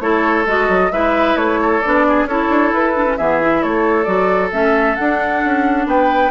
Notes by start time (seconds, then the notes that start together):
0.00 A3 E4 A4 C#5
0.46 G#3 F#4 D#5
0.68 F#3
0.91 G#3 E4 B4 E5
1.35 A3 C#5
1.61 A4
1.81 B3 D4 D5
2.08 G#4
2.24 C#4 E4 A4 C#5
2.49 D4
2.72 E4 B4
2.94 D4
3.06 C#4
3.17 E3 B3 G#4 E5
3.41 E4
3.62 A3 A4 C#5
4.03 F#3 F#4 D5
4.52 A3 C#4 E5
4.95 D4 F#5
5.44 C#4
5.86 B3 B4 G5